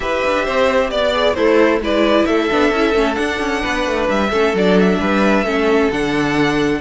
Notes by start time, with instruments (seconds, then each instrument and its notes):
0.00 cello E4, viola G4, violin B4 E5
0.25 cello D4
0.45 cello C4, violin C5
0.90 cello B3, violin D5
1.12 viola G#4
1.34 cello A3, violin E4 C5, viola A4
1.80 cello G#3, viola E4, violin B4 D5
2.25 cello A3, violin A4 E5
2.50 cello B3, viola D4
2.71 cello C#4, viola E4
2.94 cello A3, viola C#4
3.14 viola D4, cello D4, violin F#5
3.40 cello C#4
3.62 cello B3, violin B4
3.86 cello A3
4.09 cello G3, violin E5
4.29 cello A3, viola C#4, violin A4
4.53 cello F#3, viola D4, violin D5
4.79 violin E5
4.99 cello G3, violin B4
5.42 cello A3, viola C#4, violin A4
5.91 cello D3, viola D4, violin F#5